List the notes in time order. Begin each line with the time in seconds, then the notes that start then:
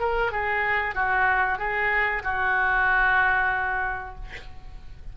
0.00 A#4
0.32 G#4
0.95 F#4
1.59 G#4
2.24 F#4